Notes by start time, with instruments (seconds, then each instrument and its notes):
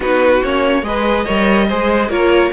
0.00 cello B3, viola D#4, violin F#4 B4
0.43 cello A#3, viola C#4, violin C#5
0.82 cello G#3, viola G#4, violin B4 D#5
1.24 cello G3, viola A#4, violin C#5
1.68 cello G#3, viola G#4, violin C5
2.08 cello A#3, viola F4, violin A#4 C#5